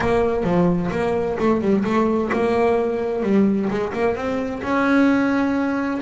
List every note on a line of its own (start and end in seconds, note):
0.00 0.43 A#3
0.43 0.90 F3
0.91 1.37 A#3
1.39 1.61 A3
1.61 1.84 G3
1.84 2.30 A3
2.32 3.22 A#3
3.22 3.68 G3
3.69 3.93 G#3
3.93 4.15 A#3
4.15 4.62 C4
4.62 6.01 C#4